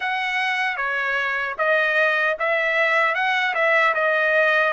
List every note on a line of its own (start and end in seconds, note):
0.00 0.76 F#5
0.76 1.55 C#5
1.58 2.36 D#5
2.39 3.14 E5
3.14 3.54 F#5
3.54 3.93 E5
3.94 4.72 D#5